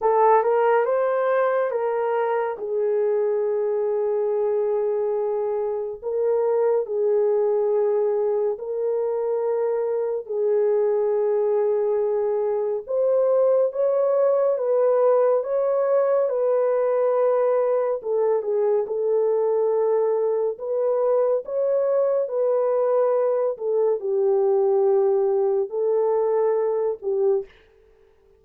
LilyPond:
\new Staff \with { instrumentName = "horn" } { \time 4/4 \tempo 4 = 70 a'8 ais'8 c''4 ais'4 gis'4~ | gis'2. ais'4 | gis'2 ais'2 | gis'2. c''4 |
cis''4 b'4 cis''4 b'4~ | b'4 a'8 gis'8 a'2 | b'4 cis''4 b'4. a'8 | g'2 a'4. g'8 | }